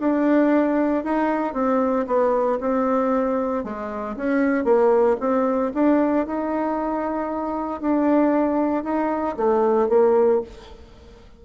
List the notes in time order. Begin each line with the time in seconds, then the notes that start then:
0.00 D4
1.04 D#4
1.54 C4
2.07 B3
2.61 C4
3.64 G#3
4.17 C#4
4.65 A#3
5.20 C4
5.74 D4
6.27 D#4
7.81 D4
8.84 D#4
9.37 A3
9.89 A#3